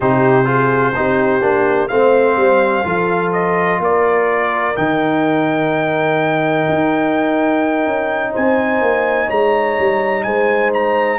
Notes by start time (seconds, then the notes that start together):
0.00 C3 D#4 G4 C5
0.44 F4 G#4
0.95 C4 D#4 G4
1.41 A#3 D4
1.88 A3 C4 C5 F5
2.36 G3
2.84 F3 F4 A4
3.32 D#5
3.79 A#3 A#4 D5
4.76 D#3 D#4 G5
6.68 D#4
7.86 C#4
8.31 C4 C5 G#5
8.81 A#3
9.27 G#3 C#5 A#5
9.78 G3
10.23 G#3 C5 G#5
10.73 A#5